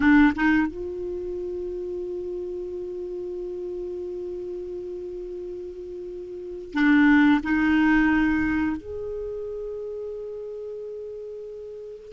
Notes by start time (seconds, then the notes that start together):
0.00 D4
0.35 D#4
0.67 F4
6.73 D4
7.43 D#4
8.76 G#4